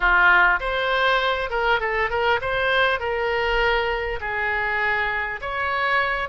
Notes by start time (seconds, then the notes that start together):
0.00 F4
0.59 C5
1.50 A#4
1.80 A4
2.09 A#4
2.41 C5
2.99 A#4
4.20 G#4
5.41 C#5